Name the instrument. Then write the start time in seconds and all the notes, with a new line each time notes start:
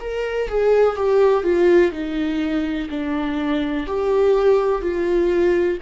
viola
0.00 A#4
0.48 G#4
0.96 G4
1.43 F4
1.92 D#4
2.89 D4
3.86 G4
4.82 F4